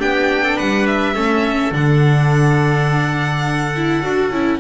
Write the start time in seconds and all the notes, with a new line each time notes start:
0.00 B3 D4 G4 G5
0.44 A4
0.57 G3 B4 F#5
0.87 E5
1.15 A3 C#4 A4
1.72 D3 D4 F#5
3.76 E4
4.03 D4 F#4
4.31 C#4 E4